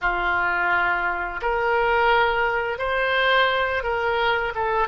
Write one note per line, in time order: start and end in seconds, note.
0.01 1.40 F4
1.41 2.78 A#4
2.78 3.83 C5
3.83 4.53 A#4
4.54 4.88 A4